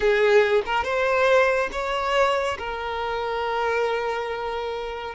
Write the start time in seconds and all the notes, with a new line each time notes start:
0.00 G#4
0.65 A#4
0.84 C5
1.71 C#5
2.58 A#4